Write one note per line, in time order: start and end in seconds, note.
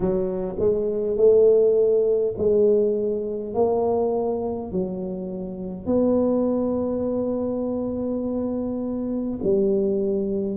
0.00 0.56 F#3
0.58 1.17 G#3
1.17 2.34 A3
2.37 3.53 G#3
3.53 4.71 A#3
4.71 5.86 F#3
5.86 9.39 B3
9.43 10.57 G3